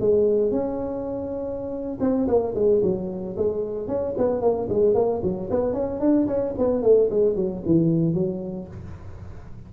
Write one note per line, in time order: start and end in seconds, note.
0.00 0.51 G#3
0.51 1.98 C#4
2.00 2.27 C4
2.27 2.54 A#3
2.55 2.81 G#3
2.82 3.36 F#3
3.37 3.87 G#3
3.87 4.14 C#4
4.17 4.41 B3
4.41 4.68 A#3
4.69 4.94 G#3
4.94 5.21 A#3
5.23 5.50 F#3
5.50 5.73 B3
5.73 6.00 C#4
6.00 6.27 D4
6.27 6.54 C#4
6.58 6.82 B3
6.82 7.09 A3
7.10 7.35 G#3
7.35 7.62 F#3
7.65 8.14 E3
8.14 8.67 F#3